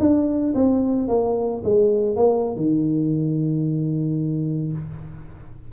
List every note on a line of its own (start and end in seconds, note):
0.00 0.54 D4
0.55 1.09 C4
1.09 1.63 A#3
1.64 2.16 G#3
2.16 2.56 A#3
2.56 4.72 D#3